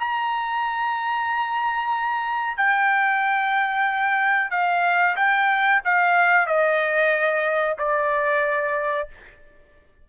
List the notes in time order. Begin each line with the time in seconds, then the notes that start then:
0.00 A#5
2.58 G5
4.51 F5
5.17 G5
5.85 F5
6.47 D#5
7.79 D5